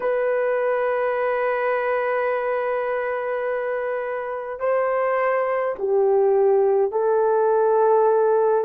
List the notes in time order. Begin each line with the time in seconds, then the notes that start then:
0.00 B4
4.59 C5
5.78 G4
6.91 A4